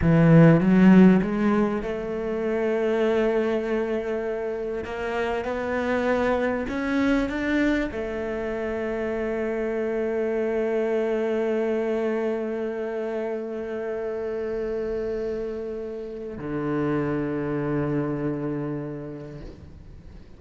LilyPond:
\new Staff \with { instrumentName = "cello" } { \time 4/4 \tempo 4 = 99 e4 fis4 gis4 a4~ | a1 | ais4 b2 cis'4 | d'4 a2.~ |
a1~ | a1~ | a2. d4~ | d1 | }